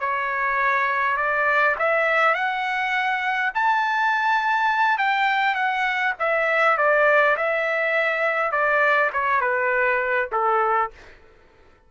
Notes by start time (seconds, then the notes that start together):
0.00 C#5
1.17 D5
1.79 E5
2.34 F#5
3.55 A5
4.98 G5
5.55 F#5
6.19 E5
6.78 D5
7.37 E5
8.52 D5
9.13 C#5
9.41 B4
10.32 A4